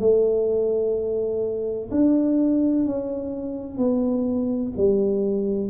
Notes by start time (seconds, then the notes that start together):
0.00 A3
1.91 D4
2.86 C#4
3.78 B3
4.77 G3